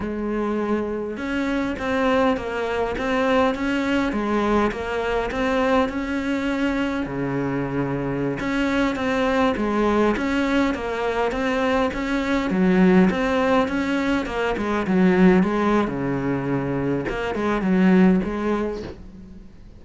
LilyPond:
\new Staff \with { instrumentName = "cello" } { \time 4/4 \tempo 4 = 102 gis2 cis'4 c'4 | ais4 c'4 cis'4 gis4 | ais4 c'4 cis'2 | cis2~ cis16 cis'4 c'8.~ |
c'16 gis4 cis'4 ais4 c'8.~ | c'16 cis'4 fis4 c'4 cis'8.~ | cis'16 ais8 gis8 fis4 gis8. cis4~ | cis4 ais8 gis8 fis4 gis4 | }